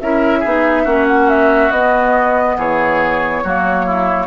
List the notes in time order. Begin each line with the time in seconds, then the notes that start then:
0.00 C#4 E4 A#4 E5
0.39 B3 D#4 G#4
0.84 A#3 C#4 F#4
1.08 F#5
1.29 E5
1.71 B3 D#5
2.57 E3 G#4 C#5
3.44 F#3 A#3 F#4
3.85 E4